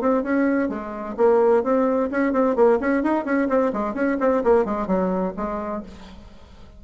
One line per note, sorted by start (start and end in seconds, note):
0.00 0.23 C4
0.23 0.68 C#4
0.68 1.15 G#3
1.17 1.63 A#3
1.63 2.09 C4
2.10 2.32 C#4
2.32 2.56 C4
2.56 2.79 A#3
2.80 3.03 C#4
3.03 3.25 D#4
3.25 3.48 C#4
3.48 3.72 C4
3.73 3.94 G#3
3.94 4.17 C#4
4.20 4.43 C4
4.44 4.64 A#3
4.64 4.87 G#3
4.87 5.33 F#3
5.36 5.83 G#3